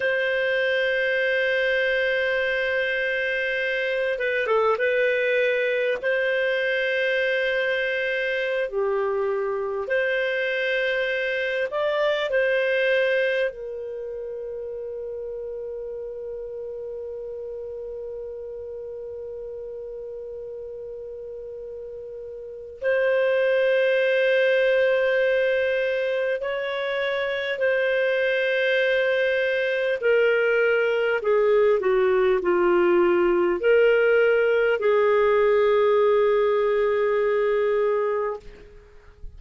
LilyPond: \new Staff \with { instrumentName = "clarinet" } { \time 4/4 \tempo 4 = 50 c''2.~ c''8 b'16 a'16 | b'4 c''2~ c''16 g'8.~ | g'16 c''4. d''8 c''4 ais'8.~ | ais'1~ |
ais'2. c''4~ | c''2 cis''4 c''4~ | c''4 ais'4 gis'8 fis'8 f'4 | ais'4 gis'2. | }